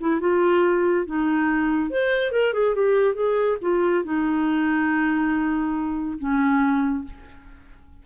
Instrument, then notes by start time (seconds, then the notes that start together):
clarinet
0.00 E4
0.20 F4
1.06 D#4
1.90 C5
2.32 A#4
2.53 G#4
2.75 G4
3.15 G#4
3.62 F4
4.04 D#4
6.19 C#4